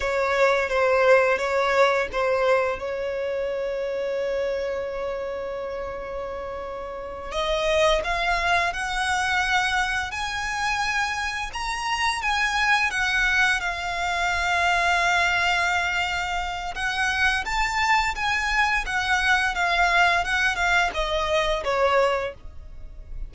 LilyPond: \new Staff \with { instrumentName = "violin" } { \time 4/4 \tempo 4 = 86 cis''4 c''4 cis''4 c''4 | cis''1~ | cis''2~ cis''8 dis''4 f''8~ | f''8 fis''2 gis''4.~ |
gis''8 ais''4 gis''4 fis''4 f''8~ | f''1 | fis''4 a''4 gis''4 fis''4 | f''4 fis''8 f''8 dis''4 cis''4 | }